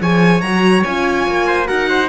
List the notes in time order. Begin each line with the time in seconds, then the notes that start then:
0.00 F3 G#4 C#5 G#5
0.41 F#3 F#4 A#5
0.83 C#4 F4 G#5
1.27 A#3
1.47 C5
1.66 D#4 F#4 A#4 F#5
1.89 C5